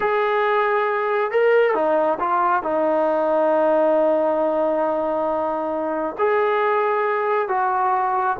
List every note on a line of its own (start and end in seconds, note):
0.00 1.31 G#4
1.31 1.74 A#4
1.74 2.18 D#4
2.19 2.62 F4
2.62 6.15 D#4
6.18 7.48 G#4
7.48 8.36 F#4